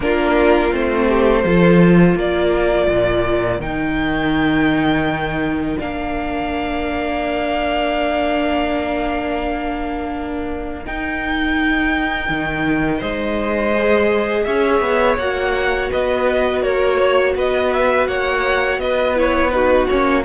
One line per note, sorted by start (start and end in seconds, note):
0.00 0.72 A#3
0.00 0.71 D4
0.00 1.08 F4
0.00 0.73 A#4
0.71 1.44 A3
0.71 1.43 C4
0.71 2.18 C5
1.08 1.44 G4
1.44 2.15 F3
1.44 3.60 F4
1.44 2.17 A4
2.15 2.87 A#3
2.15 12.98 A#4
2.15 3.60 D5
2.88 3.59 A#2
3.59 5.76 D#3
3.59 5.77 D#4
3.59 5.77 G5
5.77 10.86 A#3
5.77 10.83 D4
5.77 10.85 F5
10.85 13.73 D#4
10.85 12.28 D#4
10.85 13.01 G5
12.28 13.01 D#3
12.98 14.46 G#3
12.98 14.42 C5
12.98 14.44 D#5
13.73 15.18 G#4
14.44 14.80 C#4
14.44 15.90 C#5
14.44 15.16 E5
14.80 15.16 B3
15.17 15.89 A#3
15.17 19.15 F#4
15.17 15.90 F#5
15.90 16.63 B3
15.90 16.62 B4
15.90 16.62 D#5
16.62 17.35 A#3
16.62 16.97 A#4
16.62 17.34 C#5
16.97 17.33 C#5
17.35 18.07 B3
17.35 18.08 B4
17.35 17.73 D#5
17.73 18.07 E5
18.07 18.78 A#3
18.07 18.80 C#5
18.07 18.79 F#5
18.78 19.86 B3
18.78 19.54 B4
18.78 19.16 D#5
19.15 19.51 E4
19.15 19.50 C#5
19.50 19.88 D#4
19.50 20.24 F#4
19.50 19.87 B4
19.87 20.24 A#3
19.87 20.24 C#4
19.87 20.23 C#5